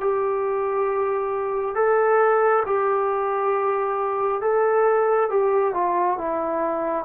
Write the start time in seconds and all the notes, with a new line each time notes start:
0.00 G4
1.75 A4
2.66 G4
4.41 A4
5.29 G4
5.74 F4
6.18 E4